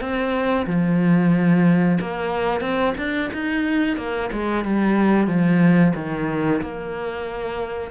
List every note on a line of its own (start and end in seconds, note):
0.00 0.66 C4
0.66 1.98 F3
2.01 2.61 A#3
2.61 2.94 C4
2.98 3.31 D4
3.33 3.97 D#4
3.97 4.30 A#3
4.32 4.64 G#3
4.64 5.27 G3
5.27 5.93 F3
5.95 6.61 D#3
6.62 7.91 A#3